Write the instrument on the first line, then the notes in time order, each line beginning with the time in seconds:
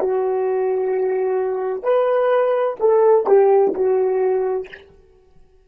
horn
0.00 F#4
1.83 B4
2.80 A4
3.27 G4
3.75 F#4